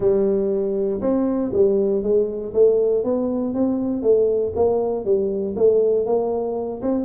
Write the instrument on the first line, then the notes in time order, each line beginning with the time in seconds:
tuba
0.00 G3
1.01 C4
1.53 G3
2.03 G#3
2.53 A3
3.04 B3
3.54 C4
4.02 A3
4.55 A#3
5.04 G3
5.56 A3
6.05 A#3
6.82 C4